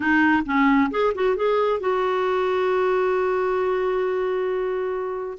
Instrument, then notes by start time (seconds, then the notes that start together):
clarinet
0.00 D#4
0.45 C#4
0.91 G#4
1.14 F#4
1.36 G#4
1.80 F#4